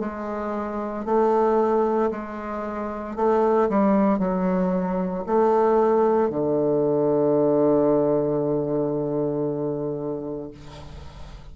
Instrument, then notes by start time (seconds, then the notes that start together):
bassoon
0.00 G#3
1.06 A3
2.11 G#3
3.16 A3
3.69 G3
4.19 F#3
5.27 A3
6.30 D3